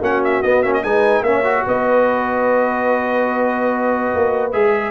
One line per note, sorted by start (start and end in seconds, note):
0.00 0.42 A#3
0.00 0.44 C#4
0.00 0.82 F#4
0.00 0.24 F#5
0.24 0.43 E5
0.43 0.64 B3
0.43 0.65 B3
0.43 0.63 D#5
0.63 0.84 A#3
0.63 0.84 C#4
0.63 0.73 E5
0.74 0.83 D#5
0.83 1.22 G#3
0.83 1.25 D#4
0.83 1.24 B4
0.83 1.24 G#5
1.22 1.63 A#3
1.22 1.44 C#4
1.22 1.65 C#5
1.22 1.65 E5
1.44 4.52 F#4
1.65 4.14 B3
1.65 4.91 B4
1.65 4.52 D#5
4.15 4.54 A#3
4.52 4.91 G#3
4.52 4.91 G#4
4.52 4.91 E5